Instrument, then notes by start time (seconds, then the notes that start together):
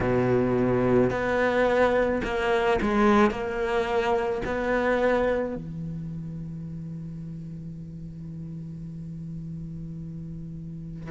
cello
0.00 B2
1.10 B3
2.24 A#3
2.81 G#3
3.30 A#3
4.44 B3
5.55 E3